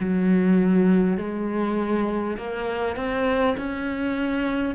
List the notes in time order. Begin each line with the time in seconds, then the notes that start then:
0.00 F#3
1.18 G#3
2.37 A#3
2.96 C4
3.57 C#4